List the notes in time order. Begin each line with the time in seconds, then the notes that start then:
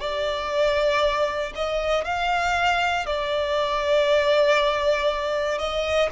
0.00 D5
1.55 D#5
2.05 F5
3.06 D5
5.58 D#5